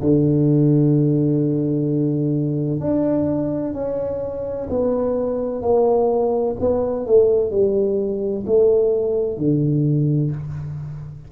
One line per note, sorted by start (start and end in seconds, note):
0.00 2.80 D3
2.80 3.73 D4
3.73 4.67 C#4
4.69 5.62 B3
5.62 6.55 A#3
6.60 7.06 B3
7.06 7.50 A3
7.50 8.44 G3
8.46 9.37 A3
9.37 10.31 D3